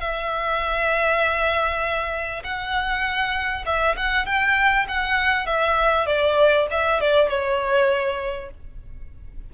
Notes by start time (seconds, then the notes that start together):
0.00 E5
2.44 F#5
3.66 E5
3.96 F#5
4.26 G5
4.88 F#5
5.46 E5
6.06 D5
6.71 E5
7.00 D5
7.29 C#5